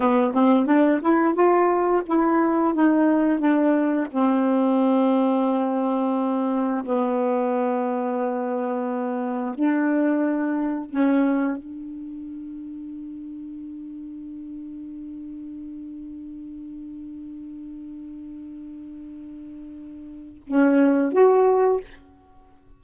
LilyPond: \new Staff \with { instrumentName = "saxophone" } { \time 4/4 \tempo 4 = 88 b8 c'8 d'8 e'8 f'4 e'4 | dis'4 d'4 c'2~ | c'2 b2~ | b2 d'2 |
cis'4 d'2.~ | d'1~ | d'1~ | d'2 cis'4 fis'4 | }